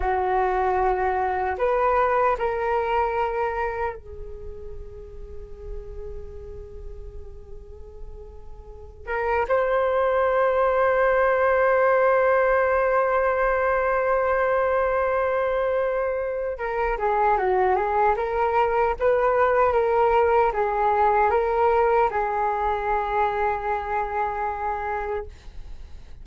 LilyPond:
\new Staff \with { instrumentName = "flute" } { \time 4/4 \tempo 4 = 76 fis'2 b'4 ais'4~ | ais'4 gis'2.~ | gis'2.~ gis'8 ais'8 | c''1~ |
c''1~ | c''4 ais'8 gis'8 fis'8 gis'8 ais'4 | b'4 ais'4 gis'4 ais'4 | gis'1 | }